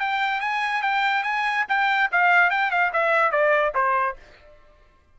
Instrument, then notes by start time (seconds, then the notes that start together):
trumpet
0.00 G5
0.41 G#5
0.82 G5
1.23 G#5
1.68 G5
2.12 F5
2.50 G5
2.71 F5
2.93 E5
3.31 D5
3.75 C5